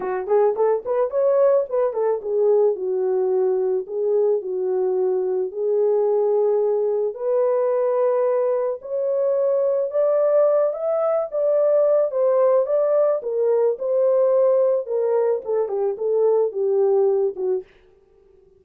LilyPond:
\new Staff \with { instrumentName = "horn" } { \time 4/4 \tempo 4 = 109 fis'8 gis'8 a'8 b'8 cis''4 b'8 a'8 | gis'4 fis'2 gis'4 | fis'2 gis'2~ | gis'4 b'2. |
cis''2 d''4. e''8~ | e''8 d''4. c''4 d''4 | ais'4 c''2 ais'4 | a'8 g'8 a'4 g'4. fis'8 | }